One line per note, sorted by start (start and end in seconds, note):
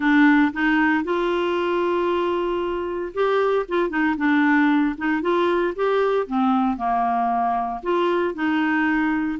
0.00 0.51 D4
0.53 1.04 D#4
1.04 3.12 F4
3.14 3.66 G4
3.68 3.89 F4
3.89 4.15 D#4
4.17 4.95 D4
4.97 5.21 D#4
5.21 5.73 F4
5.75 6.26 G4
6.26 6.76 C4
6.76 7.81 A#3
7.82 8.34 F4
8.34 9.38 D#4